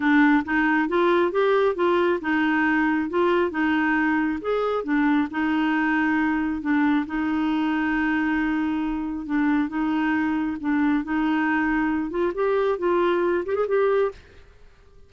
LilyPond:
\new Staff \with { instrumentName = "clarinet" } { \time 4/4 \tempo 4 = 136 d'4 dis'4 f'4 g'4 | f'4 dis'2 f'4 | dis'2 gis'4 d'4 | dis'2. d'4 |
dis'1~ | dis'4 d'4 dis'2 | d'4 dis'2~ dis'8 f'8 | g'4 f'4. g'16 gis'16 g'4 | }